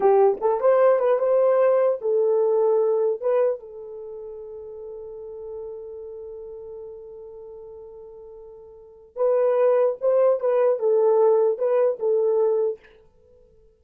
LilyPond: \new Staff \with { instrumentName = "horn" } { \time 4/4 \tempo 4 = 150 g'4 a'8 c''4 b'8 c''4~ | c''4 a'2. | b'4 a'2.~ | a'1~ |
a'1~ | a'2. b'4~ | b'4 c''4 b'4 a'4~ | a'4 b'4 a'2 | }